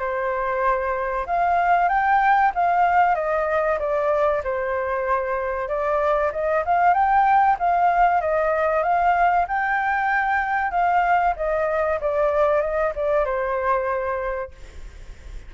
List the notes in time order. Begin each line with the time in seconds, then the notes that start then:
0.00 C5
1.27 F5
1.89 G5
2.55 F5
3.16 D#5
3.80 D5
4.44 C5
5.69 D5
6.32 D#5
6.66 F5
6.94 G5
7.60 F5
8.21 D#5
8.83 F5
9.49 G5
10.71 F5
11.37 D#5
12.01 D5
12.62 D#5
12.96 D5
13.25 C5